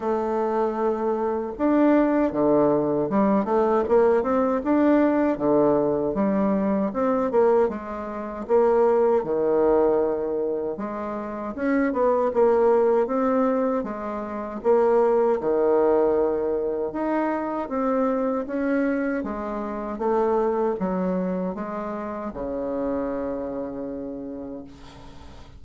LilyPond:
\new Staff \with { instrumentName = "bassoon" } { \time 4/4 \tempo 4 = 78 a2 d'4 d4 | g8 a8 ais8 c'8 d'4 d4 | g4 c'8 ais8 gis4 ais4 | dis2 gis4 cis'8 b8 |
ais4 c'4 gis4 ais4 | dis2 dis'4 c'4 | cis'4 gis4 a4 fis4 | gis4 cis2. | }